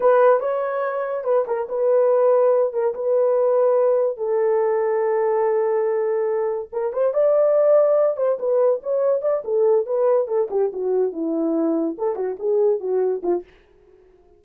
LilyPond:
\new Staff \with { instrumentName = "horn" } { \time 4/4 \tempo 4 = 143 b'4 cis''2 b'8 ais'8 | b'2~ b'8 ais'8 b'4~ | b'2 a'2~ | a'1 |
ais'8 c''8 d''2~ d''8 c''8 | b'4 cis''4 d''8 a'4 b'8~ | b'8 a'8 g'8 fis'4 e'4.~ | e'8 a'8 fis'8 gis'4 fis'4 f'8 | }